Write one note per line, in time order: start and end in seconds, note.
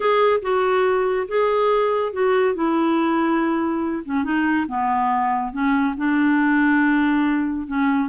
0.00 0.40 G#4
0.42 1.27 F#4
1.28 2.13 G#4
2.13 2.54 F#4
2.54 4.03 E4
4.05 4.23 C#4
4.23 4.66 D#4
4.68 5.52 B3
5.52 5.95 C#4
5.97 7.67 D4
7.67 8.08 C#4